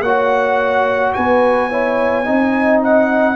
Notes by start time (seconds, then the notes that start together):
0.00 A#3 F#4 C#5 F#5
1.13 B3 B4 G#5
1.69 E4 C#5
2.25 C4 D#4 D#5
2.83 F#5